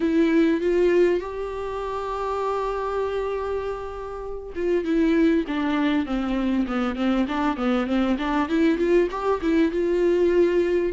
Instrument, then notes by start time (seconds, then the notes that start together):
viola
0.00 E4
0.61 F4
1.20 G4
4.55 F4
4.84 E4
5.47 D4
6.06 C4
6.67 B3
6.95 C4
7.28 D4
7.56 B3
7.86 C4
8.18 D4
8.48 E4
8.78 F4
9.10 G4
9.41 E4
9.71 F4